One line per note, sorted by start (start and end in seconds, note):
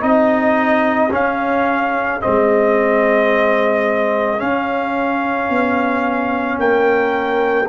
0.00 1.11 C4
0.00 1.09 D#4
0.00 6.56 G#4
0.00 1.11 D#5
1.11 2.20 C#4
1.11 2.21 C#4
1.11 2.21 F5
2.20 4.41 G#3
2.20 4.37 C4
2.20 4.39 D#5
4.37 7.65 C#4
4.37 5.49 C#4
4.37 6.58 F5
5.49 6.58 B3
6.58 7.68 A#3
6.58 7.67 A#4
6.58 7.68 G5